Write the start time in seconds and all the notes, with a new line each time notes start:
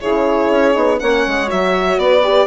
0.00 C#3 E4 G#4 C#5
0.50 C#4
0.74 B3 D#4
0.99 A#3 C#4 C#5 F#5
1.27 G#3
1.47 F#3 F#4 E5
1.97 B3 B4 D5
2.24 G4